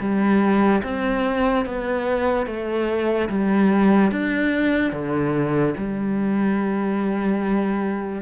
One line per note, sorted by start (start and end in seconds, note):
0.00 0.82 G3
0.83 1.65 C4
1.65 2.46 B3
2.46 3.28 A3
3.29 4.11 G3
4.11 4.92 D4
4.92 5.74 D3
5.77 8.22 G3